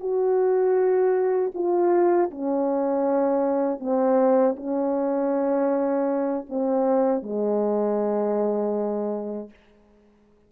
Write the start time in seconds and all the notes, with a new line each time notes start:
0.00 F#4
1.55 F4
2.31 C#4
3.80 C4
4.57 C#4
6.49 C4
7.23 G#3